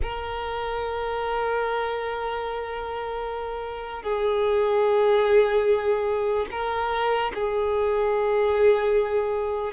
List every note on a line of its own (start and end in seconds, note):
0.02 4.02 A#4
4.02 6.46 G#4
6.51 7.32 A#4
7.34 9.73 G#4